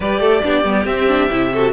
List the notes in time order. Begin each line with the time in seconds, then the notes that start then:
0.00 G3 G4 B4 D5
0.19 A3 A4
0.42 B3 D4 G4
0.63 G3 B3
0.85 C4 E5
1.08 D4
1.29 C3 E4
1.53 F#4 A4